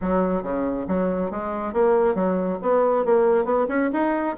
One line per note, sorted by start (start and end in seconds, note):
0.01 0.42 F#3
0.42 0.86 C#3
0.87 1.30 F#3
1.30 1.73 G#3
1.73 2.14 A#3
2.14 2.58 F#3
2.61 3.05 B3
3.05 3.44 A#3
3.44 3.66 B3
3.68 3.90 C#4
3.92 4.36 D#4